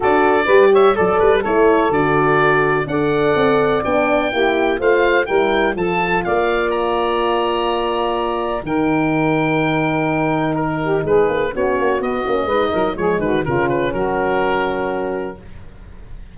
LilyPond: <<
  \new Staff \with { instrumentName = "oboe" } { \time 4/4 \tempo 4 = 125 d''4. e''8 a'8 b'8 cis''4 | d''2 fis''2 | g''2 f''4 g''4 | a''4 f''4 ais''2~ |
ais''2 g''2~ | g''2 ais'4 b'4 | cis''4 dis''2 cis''8 b'8 | ais'8 b'8 ais'2. | }
  \new Staff \with { instrumentName = "saxophone" } { \time 4/4 a'4 b'8 cis''8 d''4 a'4~ | a'2 d''2~ | d''4 g'4 c''4 ais'4 | a'4 d''2.~ |
d''2 ais'2~ | ais'2~ ais'8 g'8 gis'4 | fis'2 b'8 ais'8 gis'8 fis'8 | f'4 fis'2. | }
  \new Staff \with { instrumentName = "horn" } { \time 4/4 fis'4 g'4 a'4 e'4 | fis'2 a'2 | d'4 e'4 f'4 e'4 | f'1~ |
f'2 dis'2~ | dis'1 | cis'4 b8 cis'8 dis'4 gis4 | cis'1 | }
  \new Staff \with { instrumentName = "tuba" } { \time 4/4 d'4 g4 fis8 g8 a4 | d2 d'4 c'4 | b4 ais4 a4 g4 | f4 ais2.~ |
ais2 dis2~ | dis2. gis8 ais8 | b8 ais8 b8 ais8 gis8 fis8 f8 dis8 | cis4 fis2. | }
>>